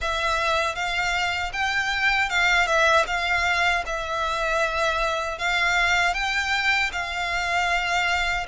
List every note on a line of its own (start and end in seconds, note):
0.01 0.75 E5
0.75 1.52 F5
1.52 2.29 G5
2.29 2.66 F5
2.66 3.05 E5
3.07 3.84 F5
3.86 5.38 E5
5.38 6.14 F5
6.14 6.91 G5
6.92 8.46 F5